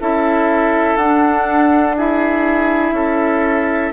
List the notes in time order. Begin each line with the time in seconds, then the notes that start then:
0.00 C#4 E4 A4 E5
0.96 D4 F#5
1.97 E4 G#4 E5
2.92 C#4 A4